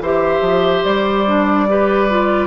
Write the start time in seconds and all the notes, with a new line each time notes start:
0.00 E3 G4 C5 E5
0.41 F3
0.84 G3 D5
1.26 D4
1.68 G4 B4
2.09 F4